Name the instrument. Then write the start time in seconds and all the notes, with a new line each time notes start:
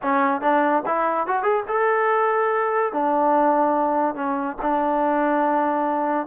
trombone
0.02 C#4
0.41 D4
0.85 E4
1.27 F#4
1.42 G#4
1.68 A4
2.92 D4
4.14 C#4
4.62 D4